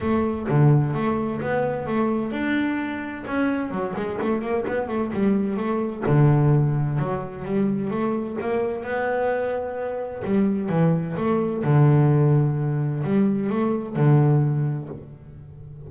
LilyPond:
\new Staff \with { instrumentName = "double bass" } { \time 4/4 \tempo 4 = 129 a4 d4 a4 b4 | a4 d'2 cis'4 | fis8 gis8 a8 ais8 b8 a8 g4 | a4 d2 fis4 |
g4 a4 ais4 b4~ | b2 g4 e4 | a4 d2. | g4 a4 d2 | }